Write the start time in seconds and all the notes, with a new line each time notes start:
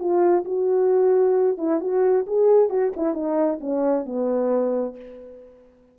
0.00 F4
0.45 F#4
1.58 E4
1.81 F#4
2.27 G#4
2.70 F#4
2.97 E4
3.15 D#4
3.61 C#4
4.06 B3